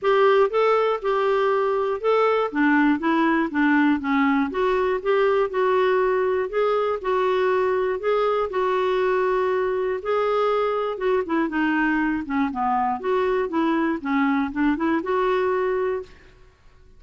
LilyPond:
\new Staff \with { instrumentName = "clarinet" } { \time 4/4 \tempo 4 = 120 g'4 a'4 g'2 | a'4 d'4 e'4 d'4 | cis'4 fis'4 g'4 fis'4~ | fis'4 gis'4 fis'2 |
gis'4 fis'2. | gis'2 fis'8 e'8 dis'4~ | dis'8 cis'8 b4 fis'4 e'4 | cis'4 d'8 e'8 fis'2 | }